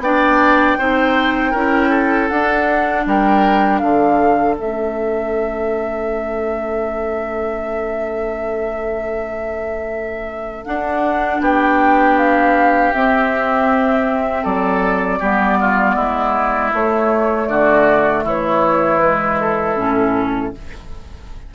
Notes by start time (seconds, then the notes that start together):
0.00 B3 D4 D5 G5
0.79 C4 D#4 C5
1.52 C#4 E4 A#4
1.90 A4
2.29 D4 F#5
3.06 G3 A#4 G5
3.79 D3 A4 F5
4.58 A3 C#4 E5
10.65 D4 F#5
11.41 B3 G4 G5
12.19 F5
12.94 C4 E5
14.44 F#3 A4 D5
15.20 G3 B3 G4
15.61 F4
15.96 G#3 E4
16.73 A3 C#5
17.48 D3 F#4 D5
18.25 E3 E4 C#5
19.00 G#3 B4
19.41 A4
19.77 A2 C#4